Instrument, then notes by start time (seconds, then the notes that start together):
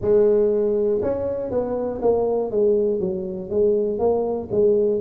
tuba
0.00 G#3
1.01 C#4
1.50 B3
2.01 A#3
2.50 G#3
3.00 F#3
3.50 G#3
3.99 A#3
4.51 G#3